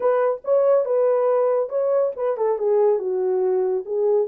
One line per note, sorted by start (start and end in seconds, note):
0.00 0.41 B4
0.44 0.85 C#5
0.85 1.69 B4
1.69 2.12 C#5
2.15 2.37 B4
2.37 2.58 A4
2.58 2.98 G#4
2.98 3.84 F#4
3.85 4.27 G#4